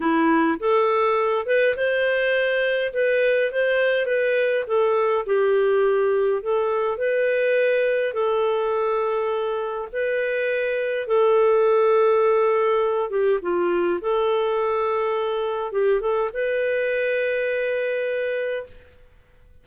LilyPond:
\new Staff \with { instrumentName = "clarinet" } { \time 4/4 \tempo 4 = 103 e'4 a'4. b'8 c''4~ | c''4 b'4 c''4 b'4 | a'4 g'2 a'4 | b'2 a'2~ |
a'4 b'2 a'4~ | a'2~ a'8 g'8 f'4 | a'2. g'8 a'8 | b'1 | }